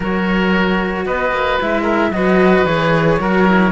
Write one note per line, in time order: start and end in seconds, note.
0.00 1.05 F#3
0.00 1.59 F#4
0.00 1.05 A#4
0.00 1.05 C#5
1.05 1.31 B3
1.05 1.82 B4
1.05 1.58 D#5
1.31 1.58 A#3
1.59 2.10 G#3
1.59 2.12 E4
1.59 2.12 E5
1.82 2.09 A#4
2.10 2.63 F#3
2.10 2.66 F#4
2.10 3.20 B4
2.10 2.65 D#5
2.65 3.18 E3
2.65 3.19 G#4
2.65 3.71 C#5
3.19 3.72 F#3
3.19 3.46 F#4
3.19 3.72 A#4
3.47 3.72 E4